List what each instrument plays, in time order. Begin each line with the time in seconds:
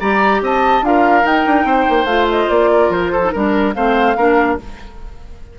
0.00 bassoon G3, clarinet G4, oboe D5, flute A#5
0.41 bassoon C4, oboe D#5, flute A5
0.81 bassoon D4, clarinet F4, oboe A#4, flute F5
1.23 clarinet D#4, bassoon D#4, flute G5
1.46 bassoon D4
1.64 bassoon C4, oboe C5
1.89 bassoon A#3
2.04 bassoon A3, clarinet F4, flute F5
2.30 flute D#5
2.50 bassoon A#3, flute D5
2.72 oboe A#4
2.89 bassoon F3, flute C5
3.12 oboe A4
3.23 clarinet D#4
3.30 bassoon G3, clarinet D4, flute A#4, oboe A#4
3.74 bassoon A3, clarinet C4, oboe C5, flute F5
4.16 bassoon A#3, clarinet D4, oboe A#4